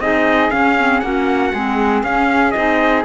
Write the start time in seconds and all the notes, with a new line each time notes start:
0.00 C4 D#4 G#4 D#5
0.51 C#4 F5
0.79 C4
1.00 A#3 C#4 F#4 F#5
1.53 G#3 C4 G#4
2.04 C#4 F5
2.51 C4 D#4 D#5